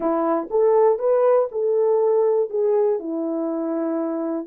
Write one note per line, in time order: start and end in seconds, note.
0.00 0.48 E4
0.50 0.98 A4
0.98 1.48 B4
1.51 2.50 A4
2.50 2.99 G#4
2.99 4.46 E4